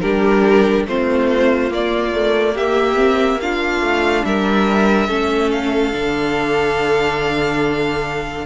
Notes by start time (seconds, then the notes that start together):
0.00 G3 D4 G4 A#4
0.86 A3 C4 F4 C5
1.70 A#3 D5
2.13 A3
2.54 A#3 G4 E5
2.96 C4
3.40 D4 F4 F5
3.80 A3
4.24 G3 A#4 E5
5.09 A3 C#4 A4
5.51 F5
5.93 D3 D4